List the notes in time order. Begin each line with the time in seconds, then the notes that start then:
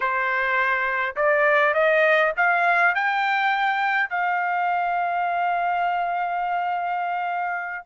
0.00 C5
1.16 D5
1.74 D#5
2.36 F5
2.94 G5
4.09 F5